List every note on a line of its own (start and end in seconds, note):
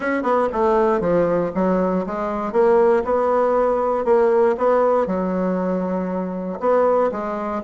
0.00 0.23 C#4
0.23 0.48 B3
0.52 1.00 A3
1.00 1.51 F3
1.54 2.05 F#3
2.06 2.52 G#3
2.52 3.03 A#3
3.04 4.04 B3
4.04 4.55 A#3
4.57 5.06 B3
5.06 6.59 F#3
6.60 7.10 B3
7.11 7.62 G#3